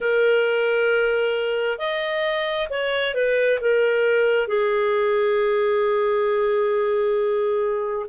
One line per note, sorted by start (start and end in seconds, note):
0.00 1.78 A#4
1.78 2.68 D#5
2.69 3.14 C#5
3.14 3.59 B4
3.60 4.47 A#4
4.47 8.06 G#4